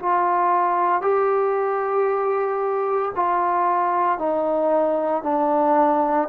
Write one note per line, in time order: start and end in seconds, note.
0.00 1.02 F4
1.02 3.12 G4
3.16 4.19 F4
4.19 5.23 D#4
5.23 6.29 D4